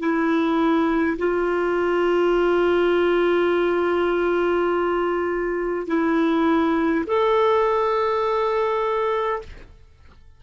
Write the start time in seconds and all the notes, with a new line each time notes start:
0.00 E4
1.18 F4
5.87 E4
7.07 A4